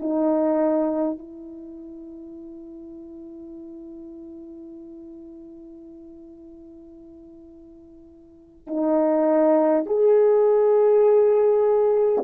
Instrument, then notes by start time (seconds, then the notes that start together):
horn
0.00 D#4
1.18 E4
8.67 D#4
9.86 G#4